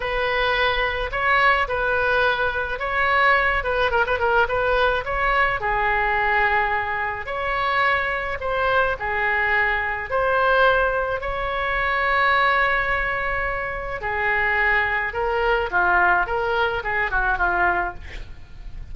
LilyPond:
\new Staff \with { instrumentName = "oboe" } { \time 4/4 \tempo 4 = 107 b'2 cis''4 b'4~ | b'4 cis''4. b'8 ais'16 b'16 ais'8 | b'4 cis''4 gis'2~ | gis'4 cis''2 c''4 |
gis'2 c''2 | cis''1~ | cis''4 gis'2 ais'4 | f'4 ais'4 gis'8 fis'8 f'4 | }